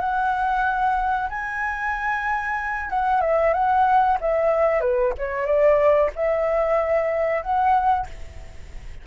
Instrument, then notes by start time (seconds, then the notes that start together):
flute
0.00 F#5
1.30 G#5
2.90 F#5
3.21 E5
3.53 F#5
4.21 E5
4.81 B4
5.18 C#5
5.46 D5
6.16 E5
7.42 F#5